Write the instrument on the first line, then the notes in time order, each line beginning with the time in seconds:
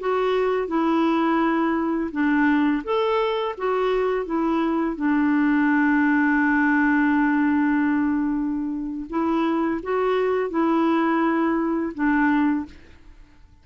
clarinet
0.00 F#4
0.68 E4
2.12 D4
2.84 A4
3.57 F#4
4.26 E4
4.96 D4
9.09 E4
9.83 F#4
10.50 E4
11.94 D4